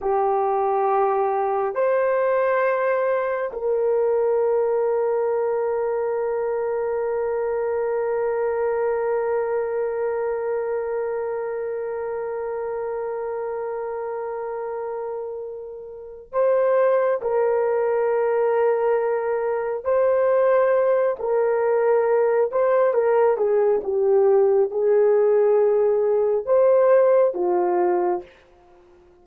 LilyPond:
\new Staff \with { instrumentName = "horn" } { \time 4/4 \tempo 4 = 68 g'2 c''2 | ais'1~ | ais'1~ | ais'1~ |
ais'2~ ais'8 c''4 ais'8~ | ais'2~ ais'8 c''4. | ais'4. c''8 ais'8 gis'8 g'4 | gis'2 c''4 f'4 | }